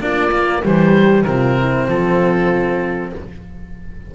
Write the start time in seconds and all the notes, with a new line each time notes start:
0.00 A#3 D4 F4 D5
0.31 A#3
0.63 E3 G3 G4 C5
1.24 C3 C4 F4 A#4
1.60 E4
1.88 F3 F4 A4